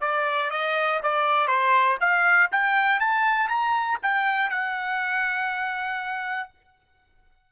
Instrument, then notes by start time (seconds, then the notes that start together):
trumpet
0.00 D5
0.50 D#5
1.02 D5
1.47 C5
2.00 F5
2.51 G5
3.00 A5
3.48 A#5
4.02 G5
4.50 F#5